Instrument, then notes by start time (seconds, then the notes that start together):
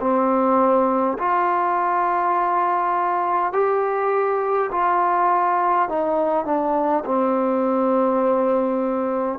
trombone
0.00 C4
1.19 F4
3.53 G4
4.72 F4
5.89 D#4
6.45 D4
7.05 C4